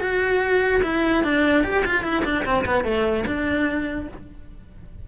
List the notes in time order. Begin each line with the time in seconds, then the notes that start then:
0.00 F#4
0.83 E4
1.24 D4
1.63 G4
1.85 F4
2.03 E4
2.24 D4
2.45 C4
2.65 B3
2.84 A3
3.26 D4